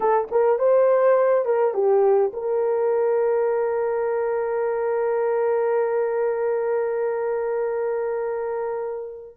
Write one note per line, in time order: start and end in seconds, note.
0.00 0.28 A4
0.31 0.58 A#4
0.58 1.45 C5
1.45 1.74 A#4
1.74 2.31 G4
2.33 9.36 A#4